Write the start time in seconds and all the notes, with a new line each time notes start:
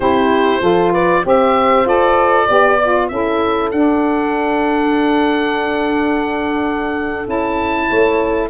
0.00 C4 E4 G4 C5
0.61 F3 F4 A4
0.92 B4 D5
1.23 C4 G4 C5 E5
1.85 F4 A4 D5
2.46 B3 G4 D5
2.82 F4
3.08 C#4 E4 A4 E5
3.71 D4 F#5
7.25 C#4 E4 A5
7.89 A3 C#5